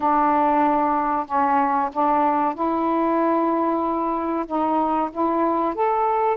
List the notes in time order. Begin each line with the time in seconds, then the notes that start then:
0.00 D4
1.26 C#4
1.93 D4
2.54 E4
4.46 D#4
5.12 E4
5.74 A4